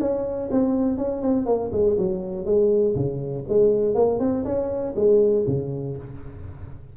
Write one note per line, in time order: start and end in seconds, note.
0.00 0.50 C#4
0.51 0.98 C4
0.98 1.22 C#4
1.22 1.46 C4
1.46 1.71 A#3
1.73 1.97 G#3
1.98 2.46 F#3
2.46 2.95 G#3
2.95 3.45 C#3
3.49 3.95 G#3
3.95 4.20 A#3
4.20 4.44 C4
4.45 4.95 C#4
4.96 5.46 G#3
5.47 5.97 C#3